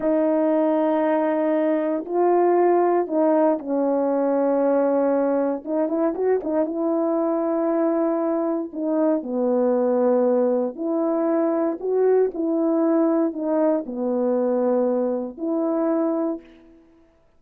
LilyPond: \new Staff \with { instrumentName = "horn" } { \time 4/4 \tempo 4 = 117 dis'1 | f'2 dis'4 cis'4~ | cis'2. dis'8 e'8 | fis'8 dis'8 e'2.~ |
e'4 dis'4 b2~ | b4 e'2 fis'4 | e'2 dis'4 b4~ | b2 e'2 | }